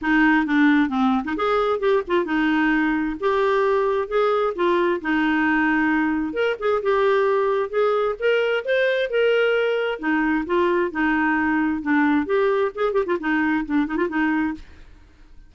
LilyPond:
\new Staff \with { instrumentName = "clarinet" } { \time 4/4 \tempo 4 = 132 dis'4 d'4 c'8. dis'16 gis'4 | g'8 f'8 dis'2 g'4~ | g'4 gis'4 f'4 dis'4~ | dis'2 ais'8 gis'8 g'4~ |
g'4 gis'4 ais'4 c''4 | ais'2 dis'4 f'4 | dis'2 d'4 g'4 | gis'8 g'16 f'16 dis'4 d'8 dis'16 f'16 dis'4 | }